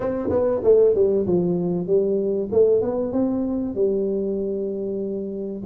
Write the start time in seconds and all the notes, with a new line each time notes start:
0.00 C4
0.29 B3
0.63 A3
0.95 G3
1.26 F3
1.86 G3
2.51 A3
2.81 B3
3.12 C4
3.74 G3